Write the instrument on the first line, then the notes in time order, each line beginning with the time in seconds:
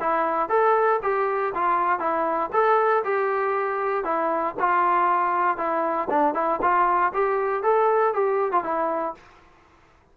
trombone
0.00 E4
0.49 A4
1.03 G4
1.55 F4
1.99 E4
2.53 A4
3.04 G4
4.04 E4
4.59 F4
5.57 E4
6.10 D4
6.34 E4
6.62 F4
7.13 G4
7.63 A4
8.14 G4
8.52 F4
8.64 E4